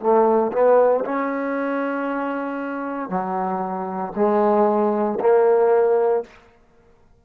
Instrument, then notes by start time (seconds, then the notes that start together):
trombone
0.00 A3
0.52 B3
1.05 C#4
3.09 F#3
4.16 G#3
5.20 A#3